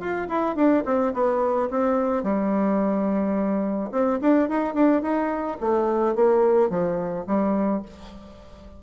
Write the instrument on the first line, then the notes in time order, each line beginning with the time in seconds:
bassoon
0.00 F4
0.29 E4
0.56 D4
0.86 C4
1.14 B3
1.71 C4
2.23 G3
3.91 C4
4.21 D4
4.49 D#4
4.74 D4
5.02 D#4
5.60 A3
6.15 A#3
6.70 F3
7.27 G3